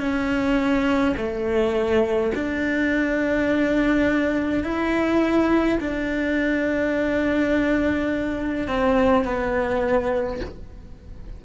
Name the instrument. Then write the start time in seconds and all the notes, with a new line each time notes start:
cello
0.00 C#4
1.17 A3
2.35 D4
4.64 E4
5.80 D4
8.68 C4
9.25 B3